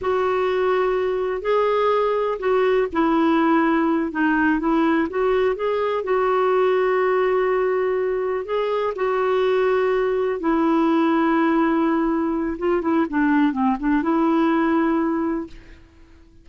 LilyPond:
\new Staff \with { instrumentName = "clarinet" } { \time 4/4 \tempo 4 = 124 fis'2. gis'4~ | gis'4 fis'4 e'2~ | e'8 dis'4 e'4 fis'4 gis'8~ | gis'8 fis'2.~ fis'8~ |
fis'4. gis'4 fis'4.~ | fis'4. e'2~ e'8~ | e'2 f'8 e'8 d'4 | c'8 d'8 e'2. | }